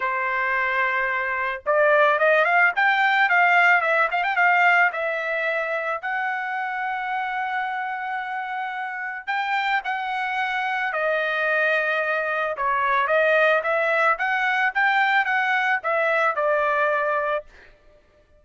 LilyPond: \new Staff \with { instrumentName = "trumpet" } { \time 4/4 \tempo 4 = 110 c''2. d''4 | dis''8 f''8 g''4 f''4 e''8 f''16 g''16 | f''4 e''2 fis''4~ | fis''1~ |
fis''4 g''4 fis''2 | dis''2. cis''4 | dis''4 e''4 fis''4 g''4 | fis''4 e''4 d''2 | }